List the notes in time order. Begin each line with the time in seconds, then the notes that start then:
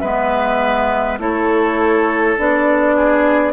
0.00 G#3 B3 B4 E5
1.19 A3 E4 A4 C#5
2.38 B3 D4 D5
2.96 G#4